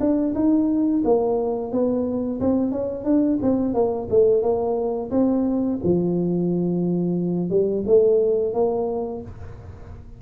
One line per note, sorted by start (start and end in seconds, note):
0.00 0.34 D4
0.35 1.03 D#4
1.05 1.72 A#3
1.72 2.40 B3
2.40 2.72 C4
2.72 3.05 C#4
3.05 3.39 D4
3.42 3.74 C4
3.74 4.08 A#3
4.10 4.43 A3
4.43 5.11 A#3
5.11 5.80 C4
5.84 7.50 F3
7.50 7.84 G3
7.87 8.54 A3
8.54 9.22 A#3